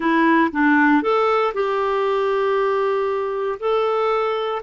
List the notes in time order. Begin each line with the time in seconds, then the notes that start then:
0.00 E4
0.51 D4
1.02 A4
1.53 G4
3.59 A4